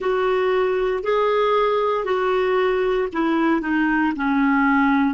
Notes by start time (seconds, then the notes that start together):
0.00 F#4
1.03 G#4
2.05 F#4
3.12 E4
3.61 D#4
4.16 C#4